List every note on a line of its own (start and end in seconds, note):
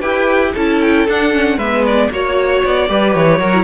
0.00 0.54 E4
0.00 0.54 G4
0.00 0.52 B4
0.00 0.52 G5
0.53 1.07 C#4
0.53 1.08 E4
0.53 1.57 A4
0.53 0.81 A5
0.81 1.07 G5
1.08 1.57 D4
1.08 1.32 D4
1.08 1.58 F#5
1.32 1.58 C#4
1.57 2.09 G#3
1.57 2.12 B3
1.57 2.08 B4
1.57 1.84 E5
1.85 2.11 D5
2.11 2.62 A#3
2.11 2.88 F#4
2.11 2.88 C#5
2.11 2.65 C#5
2.65 2.89 B3
2.65 3.14 D5
2.88 3.15 G3
2.88 3.39 G4
2.88 3.39 B4
3.14 3.39 E3
3.14 3.64 C#5
3.39 3.64 F#3
3.39 3.52 F#4
3.39 3.64 A#4
3.54 3.64 E4